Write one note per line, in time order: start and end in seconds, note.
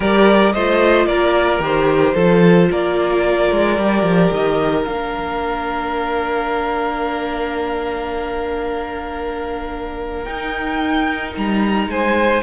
0.00 0.54 G3
0.00 0.52 G4
0.00 0.53 A#4
0.00 0.52 D5
0.52 1.06 A3
0.52 1.61 F4
0.52 1.07 C5
0.52 1.06 D#5
1.06 1.59 A#3
1.06 2.14 A#4
1.06 1.60 D5
1.59 2.13 D#3
1.59 2.15 G4
1.59 2.71 C5
2.14 2.69 F3
2.14 3.79 F4
2.14 2.68 A4
2.71 3.51 A#3
2.71 11.90 A#4
2.71 4.33 D5
3.51 3.78 G#3
3.78 4.02 G3
3.78 4.85 G4
4.02 4.29 F3
4.32 4.86 D#3
4.32 4.84 D#5
4.84 10.26 A#3
4.84 10.25 D4
4.84 10.24 F5
10.24 11.34 D#4
10.24 12.43 D#4
10.24 11.32 G5
11.36 11.87 G3
11.36 11.90 A#5
11.87 12.41 G#3
11.87 12.43 C5
11.87 12.43 G#5